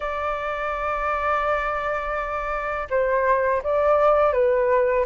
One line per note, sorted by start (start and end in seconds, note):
0.00 2.87 D5
2.90 3.62 C5
3.63 4.32 D5
4.32 5.05 B4